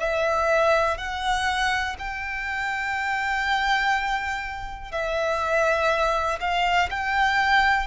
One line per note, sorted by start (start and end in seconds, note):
0.00 0.98 E5
0.98 1.96 F#5
1.99 4.92 G5
4.92 6.40 E5
6.41 6.90 F5
6.91 7.88 G5